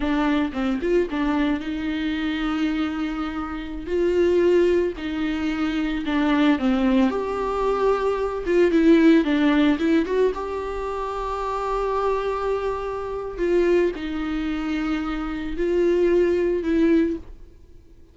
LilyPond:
\new Staff \with { instrumentName = "viola" } { \time 4/4 \tempo 4 = 112 d'4 c'8 f'8 d'4 dis'4~ | dis'2.~ dis'16 f'8.~ | f'4~ f'16 dis'2 d'8.~ | d'16 c'4 g'2~ g'8 f'16~ |
f'16 e'4 d'4 e'8 fis'8 g'8.~ | g'1~ | g'4 f'4 dis'2~ | dis'4 f'2 e'4 | }